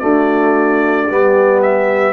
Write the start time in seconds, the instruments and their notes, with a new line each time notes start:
0.00 trombone A3, tuba D4, horn F#4, trumpet D5
1.07 tuba G3, trombone B3, horn G4
1.62 trumpet E5